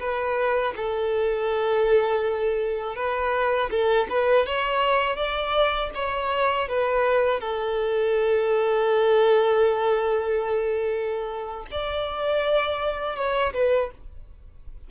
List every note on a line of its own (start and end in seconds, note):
0.00 0.74 B4
0.76 2.96 A4
2.96 3.70 B4
3.71 4.08 A4
4.10 4.46 B4
4.46 5.16 C#5
5.16 5.90 D5
5.95 6.69 C#5
6.69 7.40 B4
7.40 11.66 A4
11.71 13.16 D5
13.16 13.53 C#5
13.54 13.91 B4